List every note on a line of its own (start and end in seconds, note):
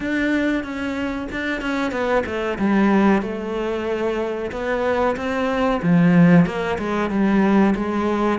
0.00 0.63 D4
0.63 1.28 C#4
1.31 1.61 D4
1.61 1.91 C#4
1.91 2.23 B3
2.26 2.58 A3
2.58 3.22 G3
3.22 4.51 A3
4.51 5.16 B3
5.16 5.81 C4
5.82 6.45 F3
6.45 6.78 A#3
6.78 7.10 G#3
7.10 7.74 G3
7.75 8.39 G#3